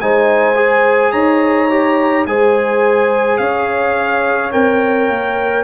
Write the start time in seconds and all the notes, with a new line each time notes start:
0.00 G#3 D#4 C5 G#5
0.55 G#4
1.12 D#4 C#5 A#5
1.69 G4
2.26 G#3 G#4 C5 G#5
3.37 C#4 C#5 F5
4.51 C4 A#4 G5
5.08 A#3